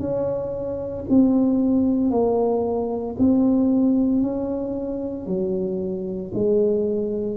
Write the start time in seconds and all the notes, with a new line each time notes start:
0.00 C#4
1.10 C4
2.11 A#3
3.19 C4
4.22 C#4
5.27 F#3
6.34 G#3